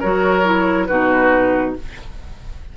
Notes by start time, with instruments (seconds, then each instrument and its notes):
0.00 bassoon F#3, clarinet F#4, oboe A#4, flute C#5
0.43 clarinet E4
0.86 bassoon B2, clarinet D#4, oboe F#4, flute B4